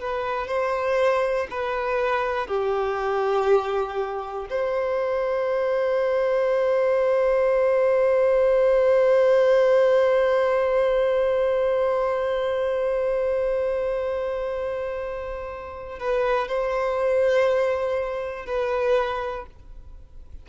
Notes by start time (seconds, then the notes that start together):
0.00 B4
0.47 C5
1.50 B4
2.47 G4
4.50 C5
15.99 B4
16.48 C5
18.45 B4